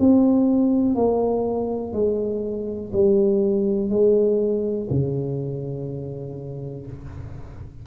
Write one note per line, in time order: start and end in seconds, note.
0.00 0.96 C4
0.96 1.93 A#3
1.93 2.92 G#3
2.93 3.90 G3
3.90 4.88 G#3
4.90 6.87 C#3